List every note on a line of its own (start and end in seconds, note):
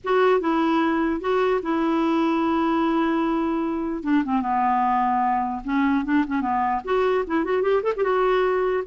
0.04 0.40 F#4
0.40 1.20 E4
1.20 1.61 F#4
1.62 4.03 E4
4.03 4.23 D4
4.24 4.41 C4
4.41 5.62 B3
5.64 6.04 C#4
6.04 6.24 D4
6.27 6.41 C#4
6.41 6.81 B3
6.84 7.24 F#4
7.26 7.44 E4
7.44 7.61 F#4
7.61 7.82 G4
7.82 7.93 A4
7.96 8.03 G4
8.03 8.83 F#4